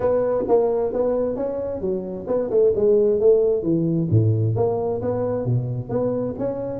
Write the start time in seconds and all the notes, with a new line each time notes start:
0.00 B3
0.48 A#3
0.92 B3
1.36 C#4
1.80 F#3
2.27 B3
2.50 A3
2.75 G#3
3.19 A3
3.62 E3
4.10 A2
4.55 A#3
5.01 B3
5.45 B2
5.89 B3
6.38 C#4